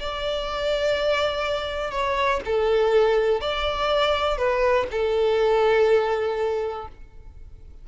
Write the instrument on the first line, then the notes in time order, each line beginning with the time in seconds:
violin
0.00 D5
1.91 C#5
2.45 A4
3.41 D5
4.38 B4
4.91 A4